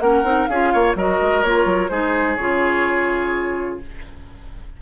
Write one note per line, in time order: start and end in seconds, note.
0.00 0.23 A#3
0.00 0.25 C#4
0.00 0.50 A#4
0.00 0.46 F#5
0.23 0.47 C4
0.23 0.48 D#4
0.46 0.74 C#4
0.46 0.97 F4
0.46 0.73 G#4
0.46 0.94 F5
0.73 0.95 A#3
0.73 0.97 C#5
0.95 1.19 F#3
0.95 1.44 F#4
0.95 1.91 A#4
0.95 1.43 D#5
1.21 1.44 G#3
1.43 1.65 A#3
1.43 1.90 F4
1.43 1.89 C#5
1.65 1.89 F#3
1.89 2.37 G#3
1.89 2.37 D#4
1.89 3.80 G#4
1.89 2.36 C5
2.36 3.80 C#3
2.36 3.81 F4
2.36 3.78 C#5